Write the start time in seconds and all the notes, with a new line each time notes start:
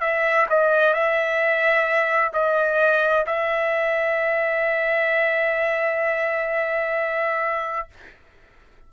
0.00 E5
0.50 D#5
0.93 E5
2.33 D#5
3.26 E5